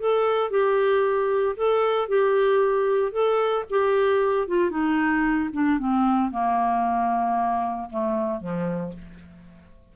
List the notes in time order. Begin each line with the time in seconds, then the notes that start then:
0.00 A4
0.51 G4
1.57 A4
2.09 G4
3.12 A4
3.70 G4
4.48 F4
4.71 D#4
5.53 D4
5.79 C4
6.32 A#3
7.90 A3
8.41 F3